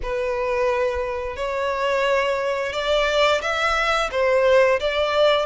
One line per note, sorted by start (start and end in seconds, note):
0.02 1.36 B4
1.36 2.72 C#5
2.72 3.41 D5
3.41 4.09 E5
4.11 4.79 C5
4.80 5.45 D5